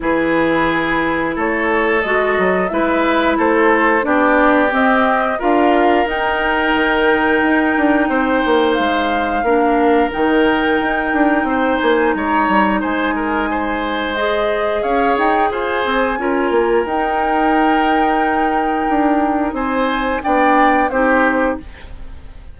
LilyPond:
<<
  \new Staff \with { instrumentName = "flute" } { \time 4/4 \tempo 4 = 89 b'2 cis''4 dis''4 | e''4 c''4 d''4 dis''4 | f''4 g''2.~ | g''4 f''2 g''4~ |
g''4. gis''8 ais''4 gis''4~ | gis''4 dis''4 f''8 g''8 gis''4~ | gis''4 g''2.~ | g''4 gis''4 g''4 c''4 | }
  \new Staff \with { instrumentName = "oboe" } { \time 4/4 gis'2 a'2 | b'4 a'4 g'2 | ais'1 | c''2 ais'2~ |
ais'4 c''4 cis''4 c''8 ais'8 | c''2 cis''4 c''4 | ais'1~ | ais'4 c''4 d''4 g'4 | }
  \new Staff \with { instrumentName = "clarinet" } { \time 4/4 e'2. fis'4 | e'2 d'4 c'4 | f'4 dis'2.~ | dis'2 d'4 dis'4~ |
dis'1~ | dis'4 gis'2. | f'4 dis'2.~ | dis'2 d'4 dis'4 | }
  \new Staff \with { instrumentName = "bassoon" } { \time 4/4 e2 a4 gis8 fis8 | gis4 a4 b4 c'4 | d'4 dis'4 dis4 dis'8 d'8 | c'8 ais8 gis4 ais4 dis4 |
dis'8 d'8 c'8 ais8 gis8 g8 gis4~ | gis2 cis'8 dis'8 f'8 c'8 | cis'8 ais8 dis'2. | d'4 c'4 b4 c'4 | }
>>